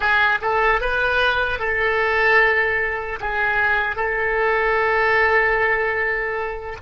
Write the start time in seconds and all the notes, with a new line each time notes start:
0.00 G#4
0.41 A4
0.80 B4
1.59 A4
3.20 G#4
3.96 A4